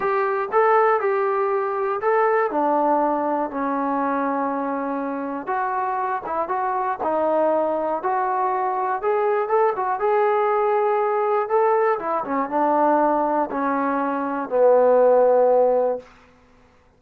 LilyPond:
\new Staff \with { instrumentName = "trombone" } { \time 4/4 \tempo 4 = 120 g'4 a'4 g'2 | a'4 d'2 cis'4~ | cis'2. fis'4~ | fis'8 e'8 fis'4 dis'2 |
fis'2 gis'4 a'8 fis'8 | gis'2. a'4 | e'8 cis'8 d'2 cis'4~ | cis'4 b2. | }